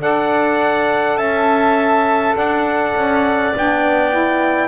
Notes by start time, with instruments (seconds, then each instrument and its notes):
0.00 double bass D4, saxophone A4, clarinet D5, trumpet F#5
1.16 double bass C#4, clarinet E5, trumpet A5
2.35 double bass D4, clarinet D5, trumpet F#5
2.95 double bass C#4
3.55 double bass B3, saxophone D4, trumpet G5
4.11 saxophone E4